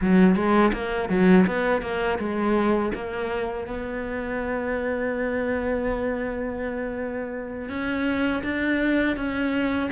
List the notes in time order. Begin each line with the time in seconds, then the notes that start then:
0.01 F#3
0.35 G#3
0.73 A#3
1.09 F#3
1.46 B3
1.81 A#3
2.19 G#3
2.94 A#3
3.67 B3
7.69 C#4
8.43 D4
9.16 C#4